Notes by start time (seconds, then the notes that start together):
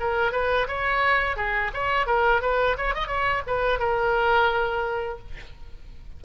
0.00 A#4
0.32 B4
0.68 C#5
1.37 G#4
1.74 C#5
2.07 A#4
2.42 B4
2.77 C#5
2.94 D#5
3.07 C#5
3.47 B4
3.79 A#4